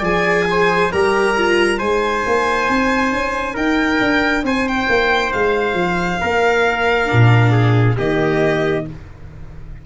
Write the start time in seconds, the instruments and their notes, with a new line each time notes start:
0.00 tuba F3, viola G#4, trumpet D5, violin G#5
0.51 trumpet C5
0.92 tuba G3, viola G4, trumpet A#4, violin A#5
1.38 viola F4
1.79 tuba G#3, viola D#4, trumpet C5, violin G#5
2.26 tuba A#3
2.69 tuba C4
3.13 tuba C#4
3.54 tuba D#4, trumpet A#4, violin G5
4.01 tuba D4
4.44 tuba C4, trumpet C5, violin G#5
4.68 violin G5
4.89 tuba A#3
5.33 tuba G#3, violin F5
5.74 tuba F3
6.21 tuba A#3, trumpet A#4
7.06 viola D4
7.12 tuba A#2
7.52 trumpet G#4
7.97 tuba D#3, viola A#3, trumpet G4, violin D#5